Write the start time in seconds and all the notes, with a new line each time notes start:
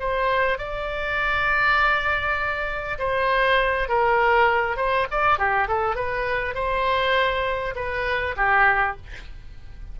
0.00 C5
0.59 D5
2.99 C5
3.89 A#4
4.77 C5
5.11 D5
5.39 G4
5.68 A4
5.96 B4
6.55 C5
7.76 B4
8.37 G4